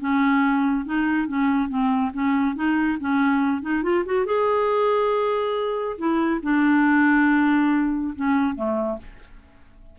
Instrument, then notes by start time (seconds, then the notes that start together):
clarinet
0.00 C#4
0.86 D#4
1.28 C#4
1.69 C4
2.14 C#4
2.56 D#4
3.01 C#4
3.62 D#4
3.83 F4
4.06 F#4
4.26 G#4
5.98 E4
6.43 D4
8.16 C#4
8.56 A3